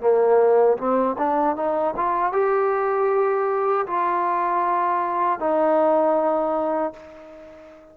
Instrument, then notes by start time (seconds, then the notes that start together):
trombone
0.00 A#3
0.77 C4
1.18 D4
1.56 D#4
1.96 F4
2.32 G4
3.86 F4
5.39 D#4